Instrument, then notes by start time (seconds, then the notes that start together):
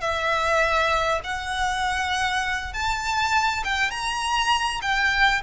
violin
0.00 E5
1.23 F#5
2.73 A5
3.64 G5
3.90 A#5
4.81 G5